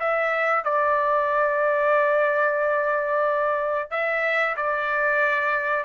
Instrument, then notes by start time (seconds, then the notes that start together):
trumpet
0.00 E5
0.65 D5
3.91 E5
4.57 D5